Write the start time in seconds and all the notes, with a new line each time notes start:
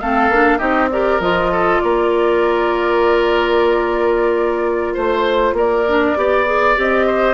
0.00 A3 C4 A4 F5
0.29 A#3 D4
0.58 C4 D#4 G4 D#5
0.91 G4 A#4 D5
1.20 F3 F4 D#5
1.52 A4
1.80 A#3 A#4 D5
4.94 A3 C5
5.53 A#3 A#4 D5
5.87 D4
6.16 B3 G4 D5
6.46 G#4
6.75 C4 G4 D#5
7.07 C5